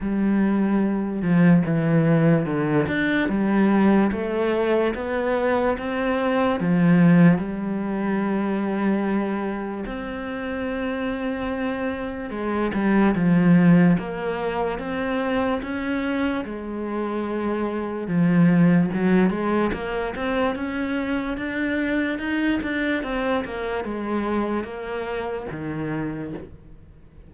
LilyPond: \new Staff \with { instrumentName = "cello" } { \time 4/4 \tempo 4 = 73 g4. f8 e4 d8 d'8 | g4 a4 b4 c'4 | f4 g2. | c'2. gis8 g8 |
f4 ais4 c'4 cis'4 | gis2 f4 fis8 gis8 | ais8 c'8 cis'4 d'4 dis'8 d'8 | c'8 ais8 gis4 ais4 dis4 | }